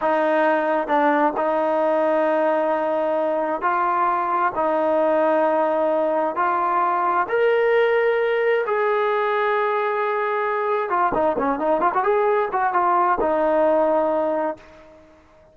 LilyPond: \new Staff \with { instrumentName = "trombone" } { \time 4/4 \tempo 4 = 132 dis'2 d'4 dis'4~ | dis'1 | f'2 dis'2~ | dis'2 f'2 |
ais'2. gis'4~ | gis'1 | f'8 dis'8 cis'8 dis'8 f'16 fis'16 gis'4 fis'8 | f'4 dis'2. | }